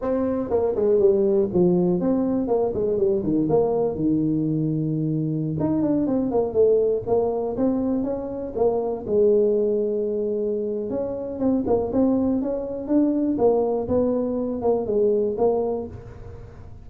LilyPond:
\new Staff \with { instrumentName = "tuba" } { \time 4/4 \tempo 4 = 121 c'4 ais8 gis8 g4 f4 | c'4 ais8 gis8 g8 dis8 ais4 | dis2.~ dis16 dis'8 d'16~ | d'16 c'8 ais8 a4 ais4 c'8.~ |
c'16 cis'4 ais4 gis4.~ gis16~ | gis2 cis'4 c'8 ais8 | c'4 cis'4 d'4 ais4 | b4. ais8 gis4 ais4 | }